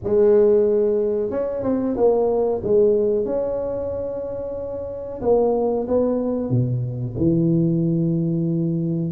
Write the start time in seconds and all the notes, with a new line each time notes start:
0.03 G#3
1.30 C#4
1.63 C4
1.96 A#3
2.63 G#3
3.25 C#4
5.21 A#3
5.87 B3
6.50 B2
7.17 E3